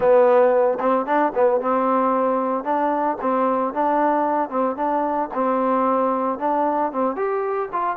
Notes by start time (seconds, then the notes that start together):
0.00 B3
0.79 C4
1.06 D4
1.34 B3
1.60 C4
2.64 D4
3.21 C4
3.73 D4
4.49 C4
4.76 D4
5.33 C4
6.38 D4
6.91 C4
7.16 G4
7.72 F4